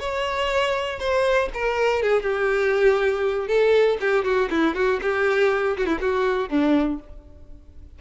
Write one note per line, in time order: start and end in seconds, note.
0.00 1.00 C#5
1.00 1.50 C5
1.55 2.03 A#4
2.03 2.23 G#4
2.23 3.48 G4
3.48 3.98 A4
4.01 4.25 G4
4.25 4.50 F#4
4.51 4.75 E4
4.75 5.00 F#4
5.02 5.77 G4
5.77 5.86 F#4
5.86 5.99 E4
6.01 6.50 F#4
6.50 7.00 D4